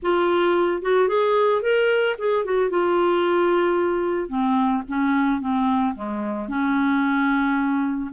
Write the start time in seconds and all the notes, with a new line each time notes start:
0.02 F4
0.82 F#4
1.08 G#4
1.62 A#4
2.18 G#4
2.44 F#4
2.70 F4
4.28 C4
4.88 C#4
5.41 C4
5.95 G#3
6.48 C#4